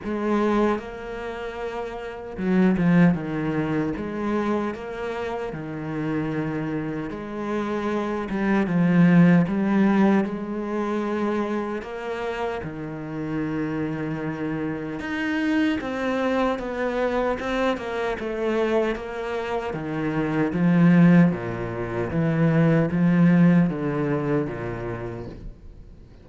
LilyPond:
\new Staff \with { instrumentName = "cello" } { \time 4/4 \tempo 4 = 76 gis4 ais2 fis8 f8 | dis4 gis4 ais4 dis4~ | dis4 gis4. g8 f4 | g4 gis2 ais4 |
dis2. dis'4 | c'4 b4 c'8 ais8 a4 | ais4 dis4 f4 ais,4 | e4 f4 d4 ais,4 | }